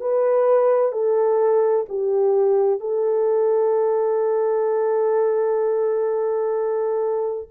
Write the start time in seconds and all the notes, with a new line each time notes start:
0.00 B4
0.92 A4
1.88 G4
2.80 A4